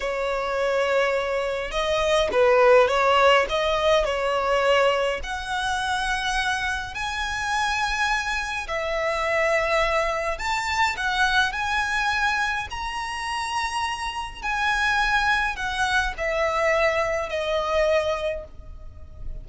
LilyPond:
\new Staff \with { instrumentName = "violin" } { \time 4/4 \tempo 4 = 104 cis''2. dis''4 | b'4 cis''4 dis''4 cis''4~ | cis''4 fis''2. | gis''2. e''4~ |
e''2 a''4 fis''4 | gis''2 ais''2~ | ais''4 gis''2 fis''4 | e''2 dis''2 | }